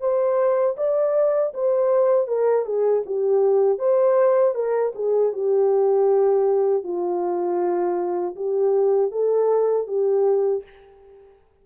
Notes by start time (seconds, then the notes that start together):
0.00 C5
0.77 D5
1.54 C5
2.27 A#4
2.65 G#4
3.06 G4
3.78 C5
4.55 A#4
4.95 G#4
5.32 G4
6.83 F4
8.36 G4
9.11 A4
9.87 G4